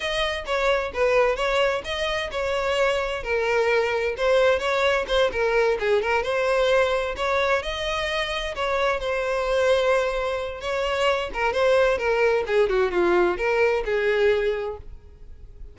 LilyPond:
\new Staff \with { instrumentName = "violin" } { \time 4/4 \tempo 4 = 130 dis''4 cis''4 b'4 cis''4 | dis''4 cis''2 ais'4~ | ais'4 c''4 cis''4 c''8 ais'8~ | ais'8 gis'8 ais'8 c''2 cis''8~ |
cis''8 dis''2 cis''4 c''8~ | c''2. cis''4~ | cis''8 ais'8 c''4 ais'4 gis'8 fis'8 | f'4 ais'4 gis'2 | }